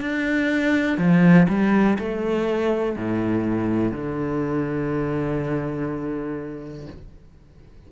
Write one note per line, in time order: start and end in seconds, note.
0.00 0.97 D4
0.97 1.47 F3
1.48 1.97 G3
1.99 2.96 A3
2.96 3.91 A2
3.91 6.86 D3